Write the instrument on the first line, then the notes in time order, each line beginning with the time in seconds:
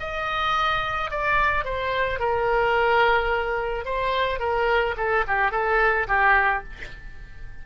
oboe
0.00 D#5
1.11 D5
1.65 C5
2.19 A#4
3.85 C5
4.39 A#4
4.97 A4
5.28 G4
5.52 A4
6.08 G4